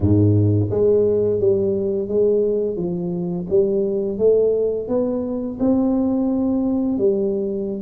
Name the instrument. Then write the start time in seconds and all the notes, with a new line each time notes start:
tuba
0.00 G#2
0.70 G#3
1.40 G3
2.07 G#3
2.76 F3
3.49 G3
4.18 A3
4.88 B3
5.59 C4
6.98 G3